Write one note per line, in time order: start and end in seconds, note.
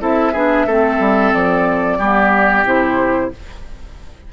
0.00 0.34 C4
0.00 0.33 E4
0.00 0.33 A4
0.00 1.33 E5
0.33 0.66 B3
0.33 0.68 D4
0.33 0.66 G#4
0.66 0.99 A3
0.66 2.01 C4
0.66 1.98 A4
0.99 1.32 G3
1.33 1.98 F3
1.33 2.65 D5
1.98 2.64 G3
1.98 2.66 B3
1.98 3.30 G4
2.64 3.30 C3
2.64 3.32 E4
2.64 3.33 C5